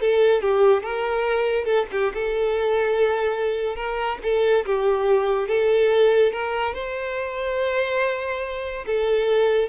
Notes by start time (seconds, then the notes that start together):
0.00 A4
0.41 G4
0.83 A#4
1.64 A4
1.91 G4
2.14 A4
3.76 A#4
4.23 A4
4.65 G4
5.48 A4
6.32 A#4
6.73 C5
8.86 A4